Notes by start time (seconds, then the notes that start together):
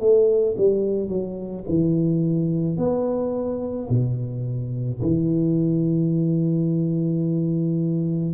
0.00 A3
0.58 G3
1.09 F#3
1.69 E3
2.78 B3
3.90 B2
5.02 E3